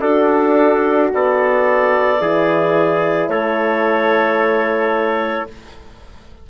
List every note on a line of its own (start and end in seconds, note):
0.00 1.10 D4
0.00 1.12 D4
0.00 2.18 F#4
0.00 1.09 A4
1.13 2.21 B3
1.13 2.21 A4
1.13 3.29 D5
2.20 3.28 E3
2.20 5.47 E4
2.20 3.30 G#4
3.28 5.46 A3
3.28 5.49 A4
3.28 5.47 C#5